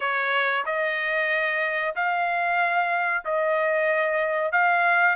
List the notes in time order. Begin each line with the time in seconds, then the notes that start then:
0.00 C#5
0.65 D#5
1.95 F5
3.24 D#5
4.52 F5